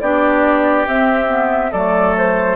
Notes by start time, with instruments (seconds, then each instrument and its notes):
0.00 bassoon B3, clarinet D4, oboe G4, flute D5
0.86 clarinet C4, bassoon C4, flute E5
1.27 clarinet B3
1.71 bassoon F#3, clarinet A3, oboe A4, flute D5
2.17 flute C5